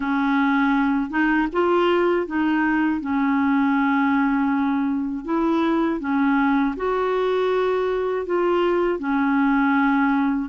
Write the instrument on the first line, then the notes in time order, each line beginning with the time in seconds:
clarinet
0.00 C#4
1.10 D#4
1.52 F4
2.26 D#4
3.00 C#4
5.25 E4
6.00 C#4
6.76 F#4
8.25 F4
8.99 C#4